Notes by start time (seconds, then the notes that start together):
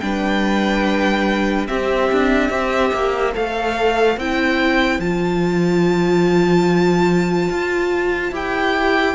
0.00 G3 D4 B4 G5
1.67 C4 G4 E5
2.12 D4
2.50 C4 G4 C5
2.93 A#3
3.34 A3 A4 F5
4.17 C4 E4 G5
4.99 F3 F4 A5
7.50 F4
8.32 E4 G4 G5